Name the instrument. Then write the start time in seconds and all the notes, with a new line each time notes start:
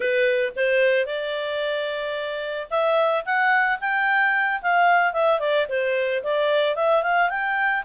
clarinet
0.00 B4
0.56 C5
1.06 D5
2.70 E5
3.25 F#5
3.80 G5
4.62 F5
5.13 E5
5.39 D5
5.68 C5
6.23 D5
6.75 E5
7.02 F5
7.29 G5